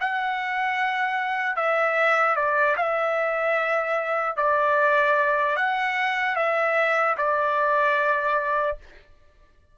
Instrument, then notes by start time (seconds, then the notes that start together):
trumpet
0.00 F#5
1.56 E5
2.36 D5
2.77 E5
4.36 D5
5.56 F#5
6.36 E5
7.17 D5